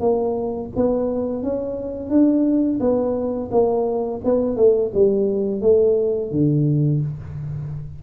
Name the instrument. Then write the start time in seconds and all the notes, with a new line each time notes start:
tuba
0.00 A#3
0.76 B3
1.43 C#4
2.10 D4
2.80 B3
3.51 A#3
4.25 B3
4.57 A3
4.94 G3
5.62 A3
6.31 D3